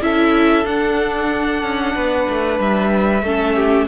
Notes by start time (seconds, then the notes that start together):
0.00 C#4 E4 A4 E5
0.63 D4 F#5
1.62 C#4
1.95 B3 B4
2.28 A3
2.59 G3 E5
3.22 A3 C#4 A4
3.56 G4